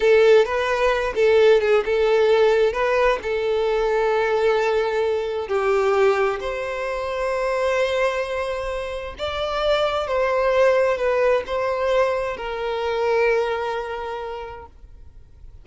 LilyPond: \new Staff \with { instrumentName = "violin" } { \time 4/4 \tempo 4 = 131 a'4 b'4. a'4 gis'8 | a'2 b'4 a'4~ | a'1 | g'2 c''2~ |
c''1 | d''2 c''2 | b'4 c''2 ais'4~ | ais'1 | }